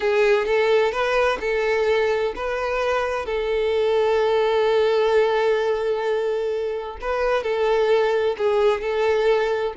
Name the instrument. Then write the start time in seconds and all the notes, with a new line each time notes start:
violin
0.00 G#4
0.45 A4
0.92 B4
1.40 A4
2.35 B4
3.25 A4
7.01 B4
7.43 A4
8.37 G#4
8.81 A4